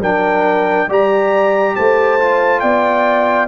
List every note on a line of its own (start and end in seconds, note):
0.00 0.87 F#3
0.00 0.89 D4
0.00 0.88 A#4
0.00 0.89 G5
0.87 1.74 G3
0.87 2.19 G4
0.87 1.75 D5
0.87 1.75 A#5
1.75 2.62 A3
1.75 2.62 C5
1.75 2.60 A5
2.19 3.48 F4
2.60 3.48 B3
2.60 3.48 D5
2.60 3.47 G5